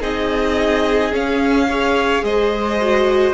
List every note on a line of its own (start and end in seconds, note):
0.00 1.12 C4
0.00 1.12 D#4
0.00 1.67 G#4
0.00 1.14 D#5
1.12 1.67 C#4
1.12 2.22 C#4
1.12 2.24 F5
1.69 2.81 G#4
1.69 2.24 C#5
2.22 3.33 G#3
2.22 3.34 C5
2.22 3.34 D#5
2.81 3.34 F#4